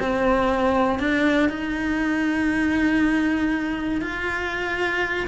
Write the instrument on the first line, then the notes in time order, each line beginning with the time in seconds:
cello
0.00 C4
0.99 D4
1.50 D#4
4.02 F4